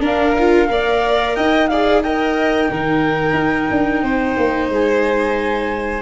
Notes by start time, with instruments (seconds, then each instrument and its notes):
0.00 viola D4, tuba D4, violin A#4, flute F5
0.39 viola F4
0.68 tuba A#3, viola A#4, violin D5
1.36 tuba D#4, violin D#5, flute G5
1.68 viola G#4, violin D5, flute F5
2.02 viola A#4, violin D#5, flute G5
2.70 tuba D#3, viola D#4, violin A#4
3.33 tuba D#4
3.70 tuba D4
4.02 tuba C4, violin C5
4.37 tuba A#3
4.69 tuba G#3, flute G#5